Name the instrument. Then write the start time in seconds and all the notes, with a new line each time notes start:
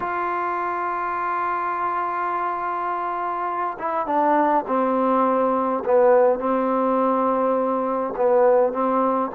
trombone
0.00 F4
3.79 E4
4.06 D4
4.67 C4
5.84 B3
6.39 C4
8.16 B3
8.72 C4